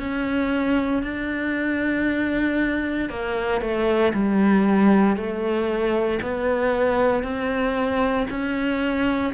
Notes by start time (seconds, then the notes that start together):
0.00 C#4
1.03 D4
3.10 A#3
3.62 A3
4.14 G3
5.17 A3
6.22 B3
7.24 C4
8.30 C#4